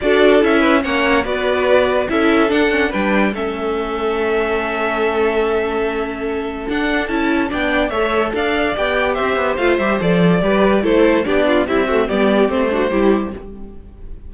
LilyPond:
<<
  \new Staff \with { instrumentName = "violin" } { \time 4/4 \tempo 4 = 144 d''4 e''4 fis''4 d''4~ | d''4 e''4 fis''4 g''4 | e''1~ | e''1 |
fis''4 a''4 g''4 e''4 | f''4 g''4 e''4 f''8 e''8 | d''2 c''4 d''4 | e''4 d''4 c''2 | }
  \new Staff \with { instrumentName = "violin" } { \time 4/4 a'4. b'8 cis''4 b'4~ | b'4 a'2 b'4 | a'1~ | a'1~ |
a'2 d''4 cis''4 | d''2 c''2~ | c''4 b'4 a'4 g'8 f'8 | e'8 fis'8 g'4. fis'8 g'4 | }
  \new Staff \with { instrumentName = "viola" } { \time 4/4 fis'4 e'4 cis'4 fis'4~ | fis'4 e'4 d'8 cis'8 d'4 | cis'1~ | cis'1 |
d'4 e'4 d'4 a'4~ | a'4 g'2 f'8 g'8 | a'4 g'4 e'4 d'4 | g8 a8 b4 c'8 d'8 e'4 | }
  \new Staff \with { instrumentName = "cello" } { \time 4/4 d'4 cis'4 ais4 b4~ | b4 cis'4 d'4 g4 | a1~ | a1 |
d'4 cis'4 b4 a4 | d'4 b4 c'8 b8 a8 g8 | f4 g4 a4 b4 | c'4 g4 a4 g4 | }
>>